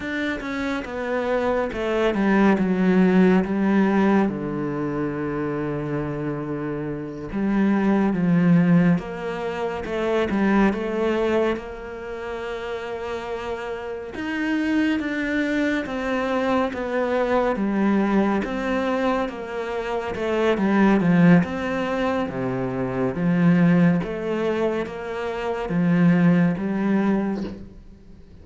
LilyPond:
\new Staff \with { instrumentName = "cello" } { \time 4/4 \tempo 4 = 70 d'8 cis'8 b4 a8 g8 fis4 | g4 d2.~ | d8 g4 f4 ais4 a8 | g8 a4 ais2~ ais8~ |
ais8 dis'4 d'4 c'4 b8~ | b8 g4 c'4 ais4 a8 | g8 f8 c'4 c4 f4 | a4 ais4 f4 g4 | }